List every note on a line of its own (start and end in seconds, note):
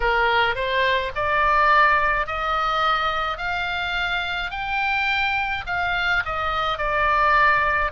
0.00 0.55 A#4
0.55 1.12 C5
1.15 2.26 D5
2.26 3.37 D#5
3.37 4.50 F5
4.50 5.63 G5
5.66 6.23 F5
6.25 6.78 D#5
6.78 7.91 D5